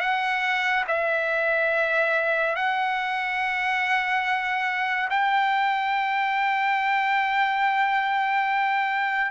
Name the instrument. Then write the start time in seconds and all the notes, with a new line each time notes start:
trumpet
0.00 F#5
0.88 E5
2.55 F#5
5.10 G5